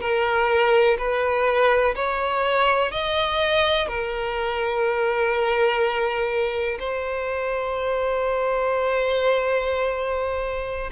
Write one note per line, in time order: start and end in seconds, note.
0.00 0.97 A#4
0.98 1.95 B4
1.95 2.92 C#5
2.92 3.88 D#5
3.88 6.78 A#4
6.79 10.90 C5